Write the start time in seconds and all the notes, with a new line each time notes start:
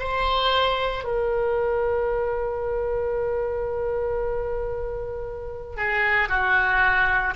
0.00 C5
1.04 A#4
5.77 G#4
6.29 F#4